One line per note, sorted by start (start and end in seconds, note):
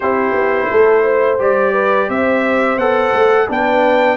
0.00 0.32 C4
0.00 1.39 E4
0.00 0.69 G4
0.00 1.38 C5
0.32 0.67 B3
0.70 1.41 A3
0.70 1.03 A4
1.03 1.72 C5
1.39 2.08 G3
1.39 2.78 G4
1.39 2.09 D5
1.72 2.07 B4
2.07 2.77 C4
2.07 3.47 C5
2.07 2.78 E5
2.77 3.12 B3
2.77 3.48 A4
2.77 3.48 F#5
3.13 3.48 A3
3.48 4.17 B3
3.48 4.17 D4
3.48 4.17 B4
3.48 4.17 G5